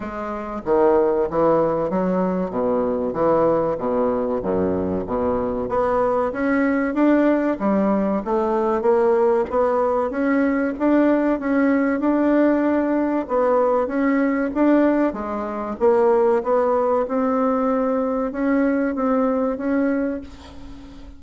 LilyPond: \new Staff \with { instrumentName = "bassoon" } { \time 4/4 \tempo 4 = 95 gis4 dis4 e4 fis4 | b,4 e4 b,4 fis,4 | b,4 b4 cis'4 d'4 | g4 a4 ais4 b4 |
cis'4 d'4 cis'4 d'4~ | d'4 b4 cis'4 d'4 | gis4 ais4 b4 c'4~ | c'4 cis'4 c'4 cis'4 | }